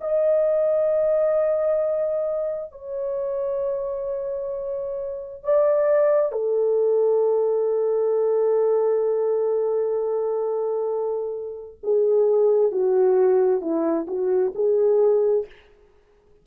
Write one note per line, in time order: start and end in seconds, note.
0.00 2.71 D#5
2.71 5.43 C#5
5.43 6.31 D5
6.31 11.77 A4
11.83 12.71 G#4
12.71 13.61 F#4
13.61 14.06 E4
14.07 14.52 F#4
14.55 15.45 G#4